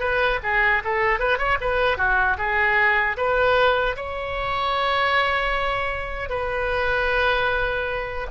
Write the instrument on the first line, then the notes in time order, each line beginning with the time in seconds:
oboe
0.00 B4
0.43 G#4
0.84 A4
1.19 B4
1.38 C#5
1.61 B4
1.98 F#4
2.38 G#4
3.17 B4
3.97 C#5
6.30 B4